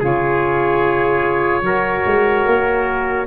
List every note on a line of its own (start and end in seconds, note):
0.00 1.62 C#3
0.00 1.62 F4
0.00 1.62 G#4
0.00 3.27 C#5
1.62 2.03 F#3
1.62 3.25 F#4
1.62 3.27 A#4
2.06 2.46 G#3
2.46 3.27 A#3